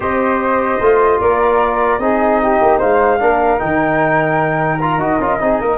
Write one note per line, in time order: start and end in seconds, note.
0.00 0.79 C4
0.00 0.80 G4
0.00 1.20 C5
0.00 1.20 D#5
0.80 1.20 A3
0.80 2.00 F4
1.20 1.98 A#3
1.20 2.00 A#4
1.20 1.99 D5
1.98 2.58 C4
1.98 3.19 D#4
1.98 2.41 G#4
1.98 2.79 D#5
2.42 2.78 G4
2.61 2.81 A#3
2.78 3.21 G#3
2.78 3.18 C5
2.78 3.59 F5
3.19 3.61 A#3
3.19 3.58 D4
3.19 5.41 A#4
3.58 4.97 D#3
3.58 4.78 D#4
3.58 4.79 G5
4.80 4.99 F4
4.80 5.00 A#5
4.97 5.17 D#4
4.97 5.19 F#4
4.97 5.77 D#5
5.19 5.39 C#4
5.19 5.39 F4
5.39 5.60 C4
5.39 5.77 D#4
5.39 5.60 G#4
5.60 5.77 A#3
5.60 5.77 A#4